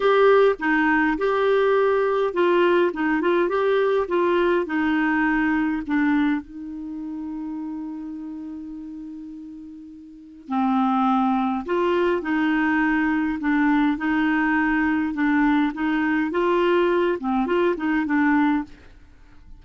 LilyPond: \new Staff \with { instrumentName = "clarinet" } { \time 4/4 \tempo 4 = 103 g'4 dis'4 g'2 | f'4 dis'8 f'8 g'4 f'4 | dis'2 d'4 dis'4~ | dis'1~ |
dis'2 c'2 | f'4 dis'2 d'4 | dis'2 d'4 dis'4 | f'4. c'8 f'8 dis'8 d'4 | }